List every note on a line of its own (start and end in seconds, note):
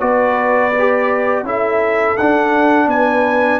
0.00 1.43 B3
0.00 0.71 F#4
0.00 1.43 B4
0.00 1.43 D5
0.78 1.45 G4
1.43 2.14 C#4
1.43 2.16 E4
1.43 2.88 A4
1.43 2.17 E5
2.17 2.87 D4
2.17 3.59 D4
2.17 2.89 F#5
2.87 3.58 B3
2.87 3.59 B4
2.87 3.59 G#5